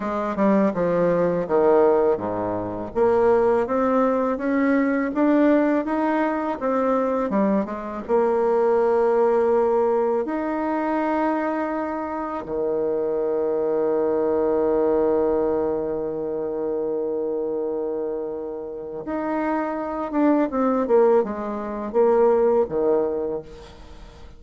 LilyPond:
\new Staff \with { instrumentName = "bassoon" } { \time 4/4 \tempo 4 = 82 gis8 g8 f4 dis4 gis,4 | ais4 c'4 cis'4 d'4 | dis'4 c'4 g8 gis8 ais4~ | ais2 dis'2~ |
dis'4 dis2.~ | dis1~ | dis2 dis'4. d'8 | c'8 ais8 gis4 ais4 dis4 | }